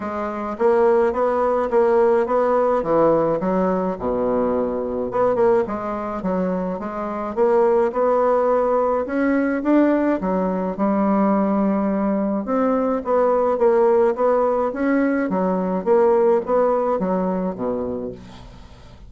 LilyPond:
\new Staff \with { instrumentName = "bassoon" } { \time 4/4 \tempo 4 = 106 gis4 ais4 b4 ais4 | b4 e4 fis4 b,4~ | b,4 b8 ais8 gis4 fis4 | gis4 ais4 b2 |
cis'4 d'4 fis4 g4~ | g2 c'4 b4 | ais4 b4 cis'4 fis4 | ais4 b4 fis4 b,4 | }